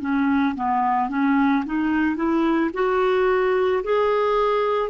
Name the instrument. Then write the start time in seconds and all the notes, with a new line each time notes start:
clarinet
0.00 C#4
0.56 B3
1.10 C#4
1.66 D#4
2.16 E4
2.74 F#4
3.84 G#4